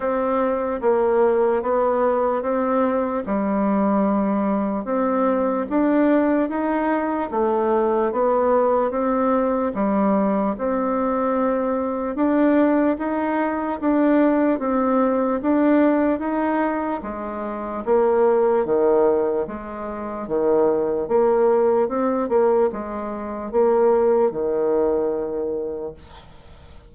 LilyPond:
\new Staff \with { instrumentName = "bassoon" } { \time 4/4 \tempo 4 = 74 c'4 ais4 b4 c'4 | g2 c'4 d'4 | dis'4 a4 b4 c'4 | g4 c'2 d'4 |
dis'4 d'4 c'4 d'4 | dis'4 gis4 ais4 dis4 | gis4 dis4 ais4 c'8 ais8 | gis4 ais4 dis2 | }